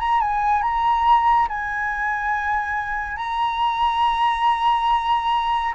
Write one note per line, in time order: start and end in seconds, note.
0.00 0.21 A#5
0.21 0.63 G#5
0.63 1.48 A#5
1.49 3.17 G#5
3.17 5.75 A#5